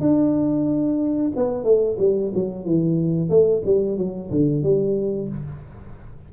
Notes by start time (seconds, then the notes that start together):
0.00 D4
1.35 B3
1.64 A3
1.99 G3
2.34 F#3
2.65 E3
3.29 A3
3.66 G3
3.97 F#3
4.31 D3
4.63 G3